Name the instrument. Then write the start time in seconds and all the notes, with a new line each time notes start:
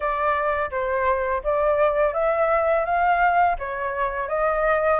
flute
0.00 D5
0.70 C5
1.43 D5
2.13 E5
2.85 F5
3.58 C#5
4.28 D#5